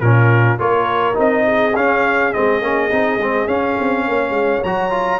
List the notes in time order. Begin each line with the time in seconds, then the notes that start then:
0.00 A#2 C#4 F4 A#4
0.59 A#3 F4 A#4 C#5
1.14 C4 D#4 D#5
1.45 G#4
1.76 C#4 F5
2.33 G#3 C4 D#5
2.61 A#3 C#4
2.90 C4 D#4
3.17 G#3 C4
3.47 C#4 F5
3.80 C4
4.07 A#3 C#5
4.30 G#3
4.63 F#3 F#4 A#5
4.90 F4